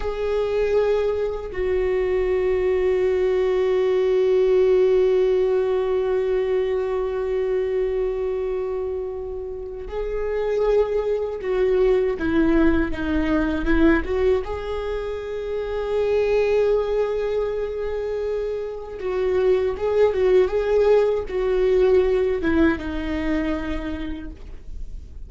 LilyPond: \new Staff \with { instrumentName = "viola" } { \time 4/4 \tempo 4 = 79 gis'2 fis'2~ | fis'1~ | fis'1~ | fis'4 gis'2 fis'4 |
e'4 dis'4 e'8 fis'8 gis'4~ | gis'1~ | gis'4 fis'4 gis'8 fis'8 gis'4 | fis'4. e'8 dis'2 | }